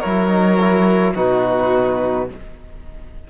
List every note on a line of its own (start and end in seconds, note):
0.00 1.16 F#3
0.00 0.30 E4
0.00 1.13 A#4
0.00 1.14 C#5
0.30 0.58 D#4
0.61 1.16 E4
1.15 2.29 B2
1.15 2.29 D#4
1.15 2.28 F#4
1.15 2.30 B4